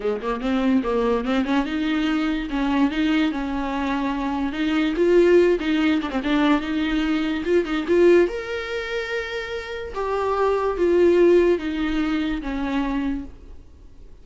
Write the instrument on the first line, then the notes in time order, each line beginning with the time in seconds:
viola
0.00 G#3
0.21 A#3
0.40 C4
0.83 A#3
1.25 C4
1.44 C#4
1.65 D#4
2.50 C#4
2.91 D#4
3.31 C#4
4.52 D#4
4.96 F4
5.59 D#4
6.01 D4
6.10 C4
6.23 D4
6.60 D#4
7.45 F4
7.65 D#4
7.87 F4
8.28 A#4
9.94 G4
10.77 F4
11.58 D#4
12.41 C#4